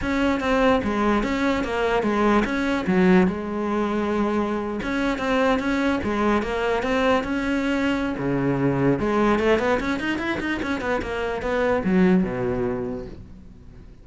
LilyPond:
\new Staff \with { instrumentName = "cello" } { \time 4/4 \tempo 4 = 147 cis'4 c'4 gis4 cis'4 | ais4 gis4 cis'4 fis4 | gis2.~ gis8. cis'16~ | cis'8. c'4 cis'4 gis4 ais16~ |
ais8. c'4 cis'2~ cis'16 | cis2 gis4 a8 b8 | cis'8 dis'8 e'8 dis'8 cis'8 b8 ais4 | b4 fis4 b,2 | }